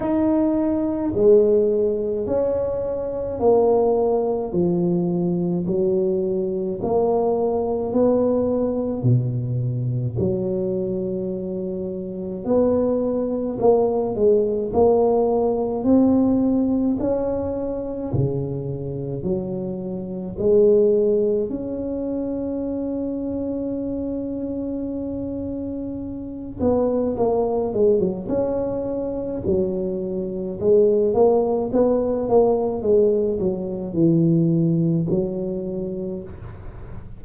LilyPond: \new Staff \with { instrumentName = "tuba" } { \time 4/4 \tempo 4 = 53 dis'4 gis4 cis'4 ais4 | f4 fis4 ais4 b4 | b,4 fis2 b4 | ais8 gis8 ais4 c'4 cis'4 |
cis4 fis4 gis4 cis'4~ | cis'2.~ cis'8 b8 | ais8 gis16 fis16 cis'4 fis4 gis8 ais8 | b8 ais8 gis8 fis8 e4 fis4 | }